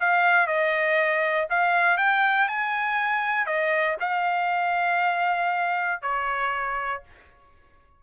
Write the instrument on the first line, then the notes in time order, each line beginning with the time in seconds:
trumpet
0.00 F5
0.47 D#5
1.49 F5
1.97 G5
2.48 G#5
3.46 D#5
4.00 F5
6.02 C#5